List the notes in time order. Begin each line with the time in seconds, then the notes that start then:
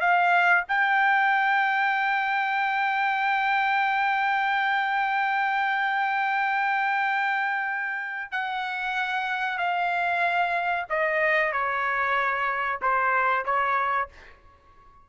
0.00 F5
0.68 G5
8.31 F#5
9.58 F5
10.89 D#5
11.52 C#5
12.81 C5
13.45 C#5